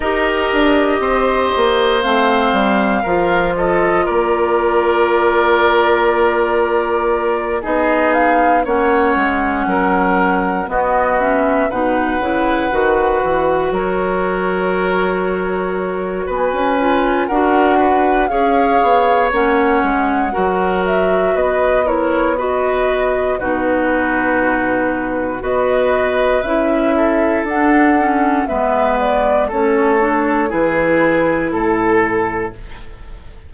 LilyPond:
<<
  \new Staff \with { instrumentName = "flute" } { \time 4/4 \tempo 4 = 59 dis''2 f''4. dis''8 | d''2.~ d''8 dis''8 | f''8 fis''2 dis''8 e''8 fis''8~ | fis''4. cis''2~ cis''8 |
gis''4 fis''4 f''4 fis''4~ | fis''8 e''8 dis''8 cis''8 dis''4 b'4~ | b'4 dis''4 e''4 fis''4 | e''8 d''8 cis''4 b'4 a'4 | }
  \new Staff \with { instrumentName = "oboe" } { \time 4/4 ais'4 c''2 ais'8 a'8 | ais'2.~ ais'8 gis'8~ | gis'8 cis''4 ais'4 fis'4 b'8~ | b'4. ais'2~ ais'8 |
b'4 ais'8 b'8 cis''2 | ais'4 b'8 ais'8 b'4 fis'4~ | fis'4 b'4. a'4. | b'4 a'4 gis'4 a'4 | }
  \new Staff \with { instrumentName = "clarinet" } { \time 4/4 g'2 c'4 f'4~ | f'2.~ f'8 dis'8~ | dis'8 cis'2 b8 cis'8 dis'8 | e'8 fis'2.~ fis'8~ |
fis'8 f'8 fis'4 gis'4 cis'4 | fis'4. e'8 fis'4 dis'4~ | dis'4 fis'4 e'4 d'8 cis'8 | b4 cis'8 d'8 e'2 | }
  \new Staff \with { instrumentName = "bassoon" } { \time 4/4 dis'8 d'8 c'8 ais8 a8 g8 f4 | ais2.~ ais8 b8~ | b8 ais8 gis8 fis4 b4 b,8 | cis8 dis8 e8 fis2~ fis8 |
b16 cis'8. d'4 cis'8 b8 ais8 gis8 | fis4 b2 b,4~ | b,4 b4 cis'4 d'4 | gis4 a4 e4 a,4 | }
>>